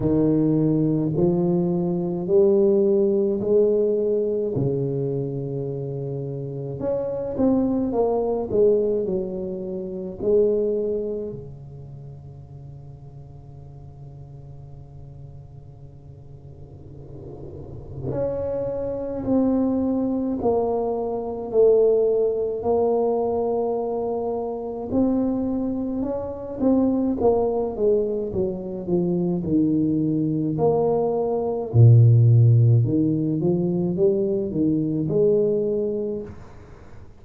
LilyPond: \new Staff \with { instrumentName = "tuba" } { \time 4/4 \tempo 4 = 53 dis4 f4 g4 gis4 | cis2 cis'8 c'8 ais8 gis8 | fis4 gis4 cis2~ | cis1 |
cis'4 c'4 ais4 a4 | ais2 c'4 cis'8 c'8 | ais8 gis8 fis8 f8 dis4 ais4 | ais,4 dis8 f8 g8 dis8 gis4 | }